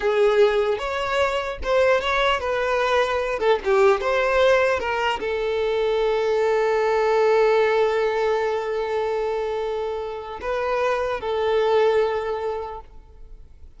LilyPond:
\new Staff \with { instrumentName = "violin" } { \time 4/4 \tempo 4 = 150 gis'2 cis''2 | c''4 cis''4 b'2~ | b'8 a'8 g'4 c''2 | ais'4 a'2.~ |
a'1~ | a'1~ | a'2 b'2 | a'1 | }